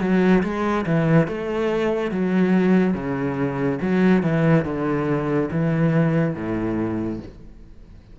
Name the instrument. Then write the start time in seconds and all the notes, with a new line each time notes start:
cello
0.00 F#3
0.43 G#3
0.86 E3
1.27 A3
2.11 F#3
2.94 C#3
3.81 F#3
4.23 E3
4.65 D3
5.51 E3
6.35 A2